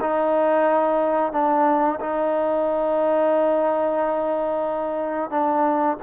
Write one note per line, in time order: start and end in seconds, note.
0.00 1.32 D#4
1.32 1.99 D4
2.00 5.30 D#4
5.30 5.97 D4